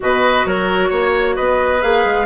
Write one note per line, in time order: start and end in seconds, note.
0.00 0.45 B2
0.00 1.80 F#4
0.00 0.47 B4
0.00 0.46 D#5
0.45 0.90 F#3
0.45 0.89 A#4
0.45 1.36 C#5
0.89 1.36 A#3
0.89 1.35 C#5
1.36 1.83 B3
1.36 2.25 B4
1.36 1.81 D#5
1.81 2.04 A#3
1.81 2.25 G#4
1.81 2.25 F5
2.04 2.25 G#3